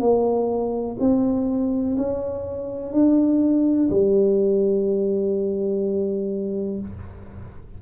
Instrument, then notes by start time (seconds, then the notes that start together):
tuba
0.00 A#3
0.99 C4
1.97 C#4
2.92 D4
3.90 G3